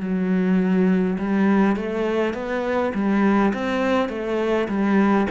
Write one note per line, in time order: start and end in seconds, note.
0.00 1.18 F#3
1.19 1.76 G3
1.76 2.34 A3
2.34 2.93 B3
2.94 3.53 G3
3.54 4.09 C4
4.09 4.68 A3
4.68 5.27 G3